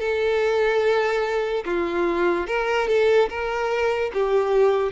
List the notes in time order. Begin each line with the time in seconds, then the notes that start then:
0.00 A4
1.65 F4
2.47 A#4
2.88 A4
3.30 A#4
4.14 G4